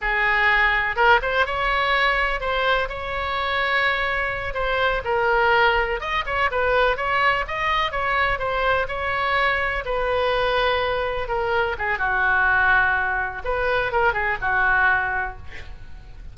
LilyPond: \new Staff \with { instrumentName = "oboe" } { \time 4/4 \tempo 4 = 125 gis'2 ais'8 c''8 cis''4~ | cis''4 c''4 cis''2~ | cis''4. c''4 ais'4.~ | ais'8 dis''8 cis''8 b'4 cis''4 dis''8~ |
dis''8 cis''4 c''4 cis''4.~ | cis''8 b'2. ais'8~ | ais'8 gis'8 fis'2. | b'4 ais'8 gis'8 fis'2 | }